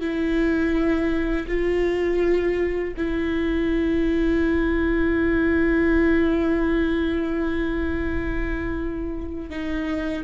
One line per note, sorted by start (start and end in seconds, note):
0.00 1.46 E4
1.47 2.94 F4
2.96 9.50 E4
9.50 10.23 D#4